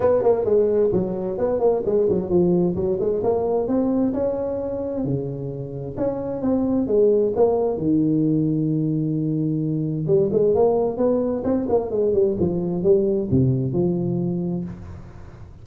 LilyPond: \new Staff \with { instrumentName = "tuba" } { \time 4/4 \tempo 4 = 131 b8 ais8 gis4 fis4 b8 ais8 | gis8 fis8 f4 fis8 gis8 ais4 | c'4 cis'2 cis4~ | cis4 cis'4 c'4 gis4 |
ais4 dis2.~ | dis2 g8 gis8 ais4 | b4 c'8 ais8 gis8 g8 f4 | g4 c4 f2 | }